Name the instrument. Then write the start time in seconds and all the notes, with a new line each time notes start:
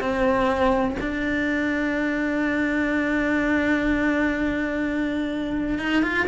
cello
0.00 C4
1.00 D4
5.79 D#4
6.02 F4